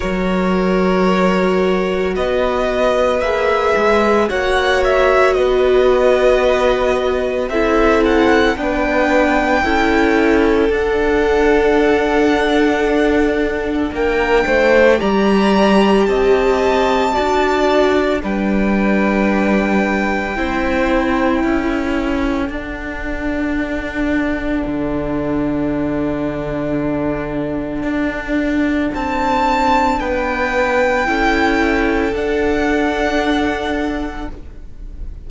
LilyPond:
<<
  \new Staff \with { instrumentName = "violin" } { \time 4/4 \tempo 4 = 56 cis''2 dis''4 e''4 | fis''8 e''8 dis''2 e''8 fis''8 | g''2 fis''2~ | fis''4 g''4 ais''4 a''4~ |
a''4 g''2.~ | g''4 fis''2.~ | fis''2. a''4 | g''2 fis''2 | }
  \new Staff \with { instrumentName = "violin" } { \time 4/4 ais'2 b'2 | cis''4 b'2 a'4 | b'4 a'2.~ | a'4 ais'8 c''8 d''4 dis''4 |
d''4 b'2 c''4 | a'1~ | a'1 | b'4 a'2. | }
  \new Staff \with { instrumentName = "viola" } { \time 4/4 fis'2. gis'4 | fis'2. e'4 | d'4 e'4 d'2~ | d'2 g'2 |
fis'4 d'2 e'4~ | e'4 d'2.~ | d'1~ | d'4 e'4 d'2 | }
  \new Staff \with { instrumentName = "cello" } { \time 4/4 fis2 b4 ais8 gis8 | ais4 b2 c'4 | b4 cis'4 d'2~ | d'4 ais8 a8 g4 c'4 |
d'4 g2 c'4 | cis'4 d'2 d4~ | d2 d'4 c'4 | b4 cis'4 d'2 | }
>>